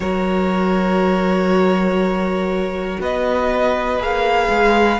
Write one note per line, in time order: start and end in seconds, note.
0.00 2.97 F#3
0.00 3.99 F#4
0.00 3.00 A#4
0.00 3.00 C#5
3.00 3.98 B3
3.00 4.99 B4
3.00 4.02 D#5
3.98 4.48 A#3
3.98 4.99 G#4
3.98 4.99 F5
4.49 4.99 G#3